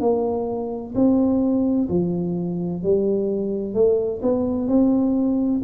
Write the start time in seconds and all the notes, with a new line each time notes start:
0.00 A#3
0.95 C4
1.89 F3
2.83 G3
3.74 A3
4.22 B3
4.67 C4